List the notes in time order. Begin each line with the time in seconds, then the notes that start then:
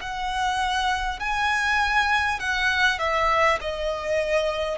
0.00 F#5
1.19 G#5
2.39 F#5
2.98 E5
3.61 D#5